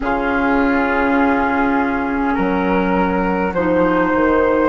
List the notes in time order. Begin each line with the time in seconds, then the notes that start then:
0.00 C#3 C#4 F4 G#4
2.33 F#3 F#4 A#4
3.53 F3 D#4 C5
4.14 D#3